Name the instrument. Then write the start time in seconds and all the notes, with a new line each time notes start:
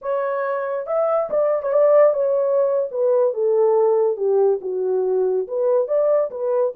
horn
0.01 C#5
0.86 E5
1.30 D5
1.62 C#5
1.72 D5
2.13 C#5
2.91 B4
3.33 A4
4.16 G4
4.61 F#4
5.47 B4
5.87 D5
6.31 B4